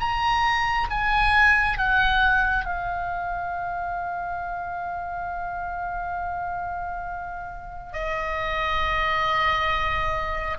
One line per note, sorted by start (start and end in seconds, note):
0.00 0.88 A#5
0.91 1.78 G#5
1.78 2.66 F#5
2.66 7.93 F5
7.93 10.58 D#5